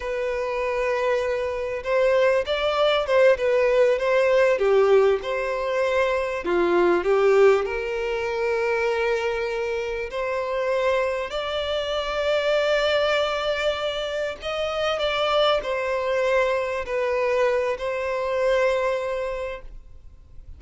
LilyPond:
\new Staff \with { instrumentName = "violin" } { \time 4/4 \tempo 4 = 98 b'2. c''4 | d''4 c''8 b'4 c''4 g'8~ | g'8 c''2 f'4 g'8~ | g'8 ais'2.~ ais'8~ |
ais'8 c''2 d''4.~ | d''2.~ d''8 dis''8~ | dis''8 d''4 c''2 b'8~ | b'4 c''2. | }